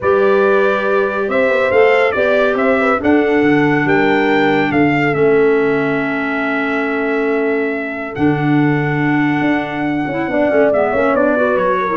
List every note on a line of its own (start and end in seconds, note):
0.00 1.27 G3
0.00 1.73 G4
0.00 1.27 B4
0.00 1.30 D5
1.27 1.48 C4
1.27 2.14 C5
1.27 1.71 E5
1.48 1.70 B3
1.71 2.14 A3
1.71 2.15 A4
1.71 2.11 F5
2.11 2.54 B3
2.11 2.98 G4
2.11 2.54 D5
2.11 2.57 D5
2.54 2.97 C4
2.54 2.79 C5
2.54 2.99 E5
2.79 3.00 B4
2.98 5.12 D4
2.98 3.42 D4
2.98 3.86 A4
2.98 3.88 F#5
3.42 3.84 D3
3.84 4.70 G3
3.84 4.72 A#4
3.84 4.72 G5
4.71 5.14 D3
4.71 10.29 A4
4.71 5.14 F5
5.12 8.14 A3
5.12 8.12 C#4
5.12 8.14 E5
8.15 9.40 D3
8.15 10.09 D4
8.15 10.72 F#5
9.40 10.05 D4
10.06 10.27 C#4
10.06 10.29 E4
10.27 10.49 B3
10.27 10.49 D4
10.27 10.90 D5
10.49 10.70 A3
10.49 10.70 C#4
10.70 10.92 G#3
10.70 10.95 B3
10.70 11.15 E5
10.90 11.13 A#3
10.90 11.16 C#4
10.90 11.33 C#5
11.13 11.56 B3
11.13 11.36 D4
11.13 11.57 D5
11.36 11.89 F#4
11.36 11.79 B4
11.56 11.97 F#3
11.56 11.97 C#5
11.80 11.97 A#4
11.89 11.97 E4